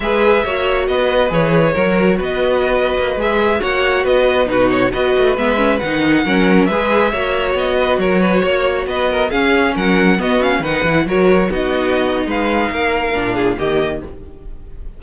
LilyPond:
<<
  \new Staff \with { instrumentName = "violin" } { \time 4/4 \tempo 4 = 137 e''2 dis''4 cis''4~ | cis''4 dis''2~ dis''16 e''8.~ | e''16 fis''4 dis''4 b'8 cis''8 dis''8.~ | dis''16 e''4 fis''2 e''8.~ |
e''4~ e''16 dis''4 cis''4.~ cis''16~ | cis''16 dis''4 f''4 fis''4 dis''8 f''16~ | f''16 fis''4 cis''4 dis''4.~ dis''16 | f''2. dis''4 | }
  \new Staff \with { instrumentName = "violin" } { \time 4/4 b'4 cis''4 b'2 | ais'4 b'2.~ | b'16 cis''4 b'4 fis'4 b'8.~ | b'2~ b'16 ais'4 b'8.~ |
b'16 cis''4. b'8 ais'8 b'8 cis''8.~ | cis''16 b'8 ais'8 gis'4 ais'4 fis'8.~ | fis'16 b'4 ais'4 fis'4.~ fis'16 | b'4 ais'4. gis'8 g'4 | }
  \new Staff \with { instrumentName = "viola" } { \time 4/4 gis'4 fis'2 gis'4 | fis'2.~ fis'16 gis'8.~ | gis'16 fis'2 dis'4 fis'8.~ | fis'16 b8 cis'8 dis'4 cis'4 gis'8.~ |
gis'16 fis'2.~ fis'8.~ | fis'4~ fis'16 cis'2 b8 cis'16~ | cis'16 dis'8 e'8 fis'4 dis'4.~ dis'16~ | dis'2 d'4 ais4 | }
  \new Staff \with { instrumentName = "cello" } { \time 4/4 gis4 ais4 b4 e4 | fis4 b4.~ b16 ais8 gis8.~ | gis16 ais4 b4 b,4 b8 a16~ | a16 gis4 dis4 fis4 gis8.~ |
gis16 ais4 b4 fis4 ais8.~ | ais16 b4 cis'4 fis4 b8.~ | b16 dis8 e8 fis4 b4.~ b16 | gis4 ais4 ais,4 dis4 | }
>>